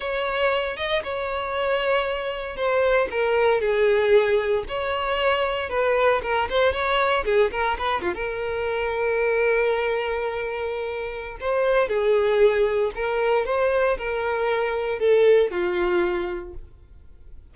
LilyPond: \new Staff \with { instrumentName = "violin" } { \time 4/4 \tempo 4 = 116 cis''4. dis''8 cis''2~ | cis''4 c''4 ais'4 gis'4~ | gis'4 cis''2 b'4 | ais'8 c''8 cis''4 gis'8 ais'8 b'8 f'16 ais'16~ |
ais'1~ | ais'2 c''4 gis'4~ | gis'4 ais'4 c''4 ais'4~ | ais'4 a'4 f'2 | }